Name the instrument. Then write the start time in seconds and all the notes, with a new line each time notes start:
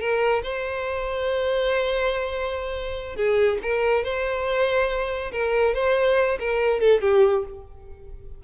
violin
0.00 A#4
0.43 C5
3.16 G#4
3.62 A#4
4.04 C5
5.32 A#4
5.75 C5
6.40 A#4
6.80 A4
7.02 G4